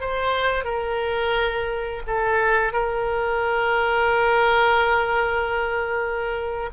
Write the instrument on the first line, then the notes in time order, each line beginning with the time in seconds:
oboe
0.00 C5
0.64 A#4
2.07 A4
2.72 A#4